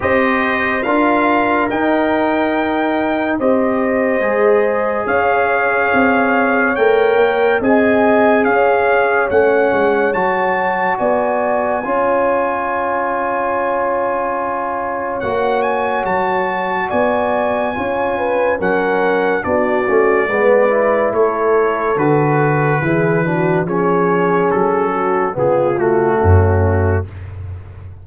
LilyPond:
<<
  \new Staff \with { instrumentName = "trumpet" } { \time 4/4 \tempo 4 = 71 dis''4 f''4 g''2 | dis''2 f''2 | g''4 gis''4 f''4 fis''4 | a''4 gis''2.~ |
gis''2 fis''8 gis''8 a''4 | gis''2 fis''4 d''4~ | d''4 cis''4 b'2 | cis''4 a'4 gis'8 fis'4. | }
  \new Staff \with { instrumentName = "horn" } { \time 4/4 c''4 ais'2. | c''2 cis''2~ | cis''4 dis''4 cis''2~ | cis''4 d''4 cis''2~ |
cis''1 | d''4 cis''8 b'8 ais'4 fis'4 | b'4 a'2 gis'8 fis'8 | gis'4. fis'8 f'4 cis'4 | }
  \new Staff \with { instrumentName = "trombone" } { \time 4/4 g'4 f'4 dis'2 | g'4 gis'2. | ais'4 gis'2 cis'4 | fis'2 f'2~ |
f'2 fis'2~ | fis'4 f'4 cis'4 d'8 cis'8 | b8 e'4. fis'4 e'8 d'8 | cis'2 b8 a4. | }
  \new Staff \with { instrumentName = "tuba" } { \time 4/4 c'4 d'4 dis'2 | c'4 gis4 cis'4 c'4 | a8 ais8 c'4 cis'4 a8 gis8 | fis4 b4 cis'2~ |
cis'2 ais4 fis4 | b4 cis'4 fis4 b8 a8 | gis4 a4 d4 e4 | f4 fis4 cis4 fis,4 | }
>>